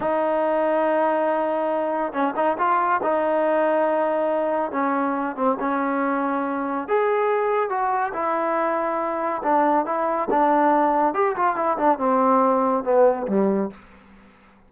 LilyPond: \new Staff \with { instrumentName = "trombone" } { \time 4/4 \tempo 4 = 140 dis'1~ | dis'4 cis'8 dis'8 f'4 dis'4~ | dis'2. cis'4~ | cis'8 c'8 cis'2. |
gis'2 fis'4 e'4~ | e'2 d'4 e'4 | d'2 g'8 f'8 e'8 d'8 | c'2 b4 g4 | }